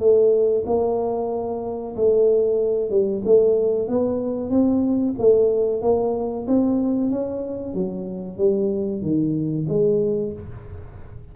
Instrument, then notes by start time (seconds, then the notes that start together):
tuba
0.00 A3
0.67 A#3
1.96 A3
2.90 G3
3.26 A3
3.88 B3
4.50 C4
5.19 A3
5.82 A#3
6.48 C4
7.11 C#4
7.74 F#3
8.38 G3
9.02 D#3
9.69 G#3